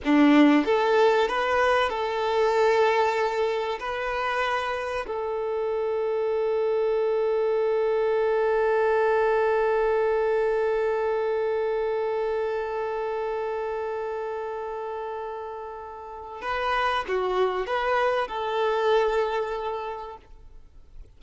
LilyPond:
\new Staff \with { instrumentName = "violin" } { \time 4/4 \tempo 4 = 95 d'4 a'4 b'4 a'4~ | a'2 b'2 | a'1~ | a'1~ |
a'1~ | a'1~ | a'2 b'4 fis'4 | b'4 a'2. | }